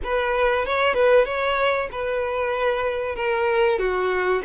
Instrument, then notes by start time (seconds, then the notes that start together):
violin
0.03 B4
0.65 C#5
0.94 B4
1.25 C#5
1.91 B4
3.15 A#4
3.78 F#4